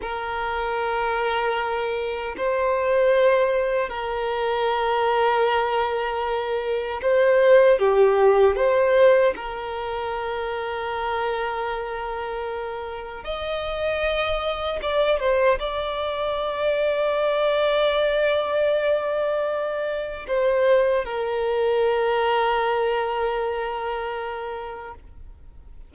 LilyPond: \new Staff \with { instrumentName = "violin" } { \time 4/4 \tempo 4 = 77 ais'2. c''4~ | c''4 ais'2.~ | ais'4 c''4 g'4 c''4 | ais'1~ |
ais'4 dis''2 d''8 c''8 | d''1~ | d''2 c''4 ais'4~ | ais'1 | }